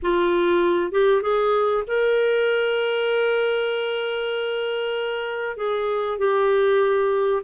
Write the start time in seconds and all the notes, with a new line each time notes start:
0.02 F4
0.91 G4
1.22 G#4
1.87 A#4
5.56 G#4
6.18 G4